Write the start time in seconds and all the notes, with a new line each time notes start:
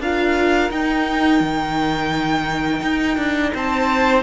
0.00 D4 F4 A#4 F5
0.71 D#4 G5
1.41 D#3
2.82 D#4
3.18 D4
3.54 C4 C5 A5